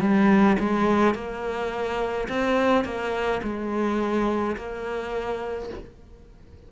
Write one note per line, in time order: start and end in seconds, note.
0.00 0.57 G3
0.59 1.15 G#3
1.15 2.28 A#3
2.28 2.85 C4
2.85 3.41 A#3
3.43 4.56 G#3
4.56 5.70 A#3